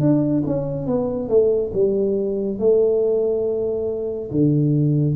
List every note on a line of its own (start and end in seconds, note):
0.00 0.43 D4
0.46 0.87 C#4
0.87 1.29 B3
1.29 1.71 A3
1.73 2.59 G3
2.59 4.31 A3
4.31 5.15 D3